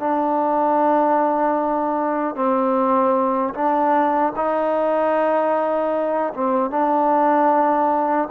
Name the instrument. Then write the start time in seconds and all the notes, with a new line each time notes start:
trombone
0.00 D4
2.35 C4
3.54 D4
4.36 D#4
6.34 C4
6.71 D4